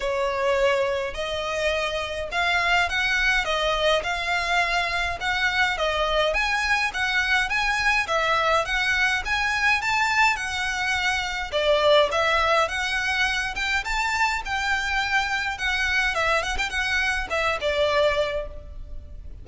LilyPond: \new Staff \with { instrumentName = "violin" } { \time 4/4 \tempo 4 = 104 cis''2 dis''2 | f''4 fis''4 dis''4 f''4~ | f''4 fis''4 dis''4 gis''4 | fis''4 gis''4 e''4 fis''4 |
gis''4 a''4 fis''2 | d''4 e''4 fis''4. g''8 | a''4 g''2 fis''4 | e''8 fis''16 g''16 fis''4 e''8 d''4. | }